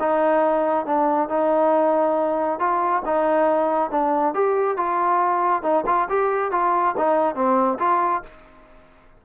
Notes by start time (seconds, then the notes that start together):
0.00 D#4
0.86 D4
1.29 D#4
2.59 F4
3.06 D#4
3.91 D4
4.34 G4
4.77 F4
5.63 D#4
5.87 F4
6.09 G4
6.52 F4
6.98 D#4
7.35 C4
7.79 F4